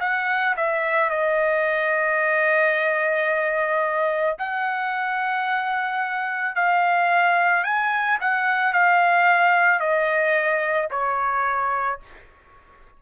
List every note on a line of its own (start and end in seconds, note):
0.00 0.55 F#5
0.57 1.09 E5
1.09 4.36 D#5
4.38 6.55 F#5
6.55 7.64 F5
7.64 8.18 G#5
8.21 8.73 F#5
8.73 9.79 F5
9.79 10.88 D#5
10.90 12.00 C#5